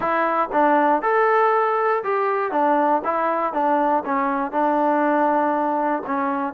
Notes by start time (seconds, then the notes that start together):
0.00 E4
0.52 D4
1.02 A4
2.03 G4
2.51 D4
3.04 E4
3.53 D4
4.05 C#4
4.51 D4
6.06 C#4